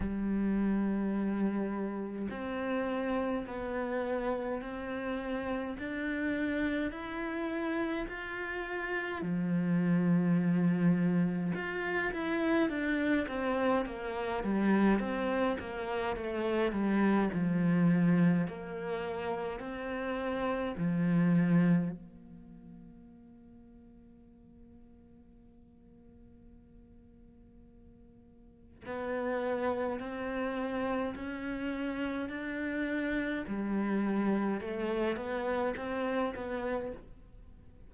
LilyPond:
\new Staff \with { instrumentName = "cello" } { \time 4/4 \tempo 4 = 52 g2 c'4 b4 | c'4 d'4 e'4 f'4 | f2 f'8 e'8 d'8 c'8 | ais8 g8 c'8 ais8 a8 g8 f4 |
ais4 c'4 f4 ais4~ | ais1~ | ais4 b4 c'4 cis'4 | d'4 g4 a8 b8 c'8 b8 | }